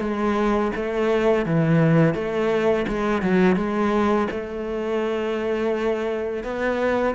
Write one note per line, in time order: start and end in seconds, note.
0.00 0.71 G#3
0.76 1.45 A3
1.45 2.15 E3
2.15 2.86 A3
2.88 3.22 G#3
3.22 3.56 F#3
3.56 4.28 G#3
4.31 6.44 A3
6.44 7.15 B3